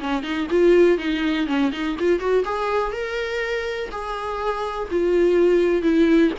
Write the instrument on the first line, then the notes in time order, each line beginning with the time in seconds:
viola
0.00 C#4
0.23 D#4
0.50 F4
0.98 D#4
1.47 C#4
1.72 D#4
1.99 F4
2.20 F#4
2.45 G#4
2.92 A#4
3.91 G#4
4.91 F4
5.82 E4